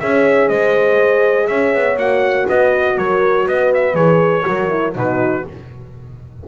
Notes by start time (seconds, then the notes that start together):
0.00 C#4 G#4 C#5 E5
0.49 G#3 C5 D#5
1.47 C#4 C#5 E5
1.74 B3
1.96 A#3 F#4 F#5
2.47 B3 B4 D#5
2.98 F#3 A#4 C#5
3.46 B3 B4 D#5
3.74 E5
3.94 E3 G#4 C#5
4.44 F#3 F#4 A#4
4.69 E4
4.95 B2 D#4 F#4 B4